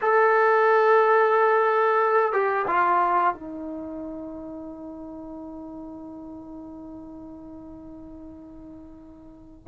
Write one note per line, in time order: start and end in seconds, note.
0.01 2.32 A4
2.32 2.66 G4
2.67 3.34 F4
3.34 9.67 D#4